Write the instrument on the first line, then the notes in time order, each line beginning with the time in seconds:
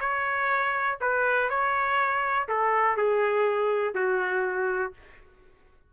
trumpet
0.00 C#5
1.01 B4
1.49 C#5
2.48 A4
2.97 G#4
3.94 F#4